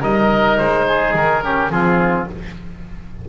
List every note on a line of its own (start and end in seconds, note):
0.00 0.58 G3
0.00 1.43 D#4
0.00 0.85 A#4
0.00 0.57 D#5
0.57 1.13 G#3
0.57 1.14 C5
0.87 1.44 G#4
1.13 1.70 D#3
1.13 1.70 A#4
1.43 1.71 C#4
1.43 1.72 G4
1.70 2.27 F3
1.70 2.27 C4
1.70 2.28 F4
1.70 2.27 G#4